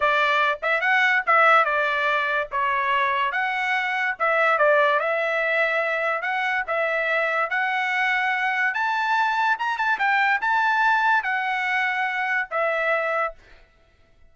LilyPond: \new Staff \with { instrumentName = "trumpet" } { \time 4/4 \tempo 4 = 144 d''4. e''8 fis''4 e''4 | d''2 cis''2 | fis''2 e''4 d''4 | e''2. fis''4 |
e''2 fis''2~ | fis''4 a''2 ais''8 a''8 | g''4 a''2 fis''4~ | fis''2 e''2 | }